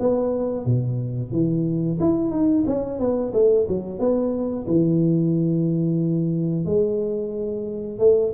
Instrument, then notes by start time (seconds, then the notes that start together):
tuba
0.00 B3
0.66 B2
1.32 E3
2.01 E4
2.31 D#4
2.67 C#4
2.99 B3
3.34 A3
3.69 F#3
4.00 B3
4.68 E3
6.66 G#3
7.99 A3